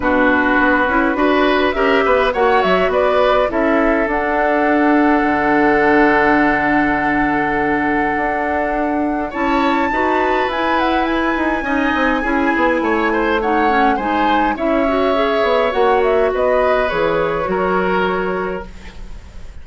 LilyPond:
<<
  \new Staff \with { instrumentName = "flute" } { \time 4/4 \tempo 4 = 103 b'2. e''4 | fis''8 e''8 d''4 e''4 fis''4~ | fis''1~ | fis''1 |
a''2 gis''8 fis''8 gis''4~ | gis''2. fis''4 | gis''4 e''2 fis''8 e''8 | dis''4 cis''2. | }
  \new Staff \with { instrumentName = "oboe" } { \time 4/4 fis'2 b'4 ais'8 b'8 | cis''4 b'4 a'2~ | a'1~ | a'1 |
cis''4 b'2. | dis''4 gis'4 cis''8 c''8 cis''4 | c''4 cis''2. | b'2 ais'2 | }
  \new Staff \with { instrumentName = "clarinet" } { \time 4/4 d'4. e'8 fis'4 g'4 | fis'2 e'4 d'4~ | d'1~ | d'1 |
e'4 fis'4 e'2 | dis'4 e'2 dis'8 cis'8 | dis'4 e'8 fis'8 gis'4 fis'4~ | fis'4 gis'4 fis'2 | }
  \new Staff \with { instrumentName = "bassoon" } { \time 4/4 b,4 b8 cis'8 d'4 cis'8 b8 | ais8 fis8 b4 cis'4 d'4~ | d'4 d2.~ | d2 d'2 |
cis'4 dis'4 e'4. dis'8 | cis'8 c'8 cis'8 b8 a2 | gis4 cis'4. b8 ais4 | b4 e4 fis2 | }
>>